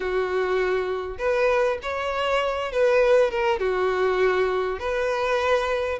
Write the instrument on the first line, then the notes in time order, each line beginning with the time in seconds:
violin
0.00 F#4
1.18 B4
1.82 C#5
2.71 B4
3.30 A#4
3.59 F#4
4.79 B4